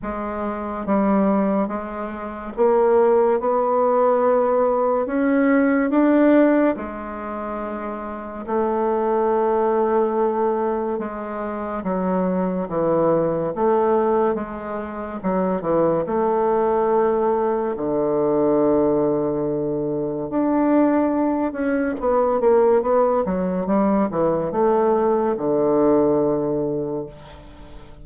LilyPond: \new Staff \with { instrumentName = "bassoon" } { \time 4/4 \tempo 4 = 71 gis4 g4 gis4 ais4 | b2 cis'4 d'4 | gis2 a2~ | a4 gis4 fis4 e4 |
a4 gis4 fis8 e8 a4~ | a4 d2. | d'4. cis'8 b8 ais8 b8 fis8 | g8 e8 a4 d2 | }